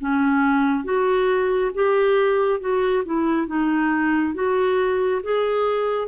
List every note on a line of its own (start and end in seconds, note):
0.00 0.85 C#4
0.85 1.72 F#4
1.75 2.60 G4
2.60 3.04 F#4
3.06 3.47 E4
3.47 4.34 D#4
4.35 5.22 F#4
5.24 6.09 G#4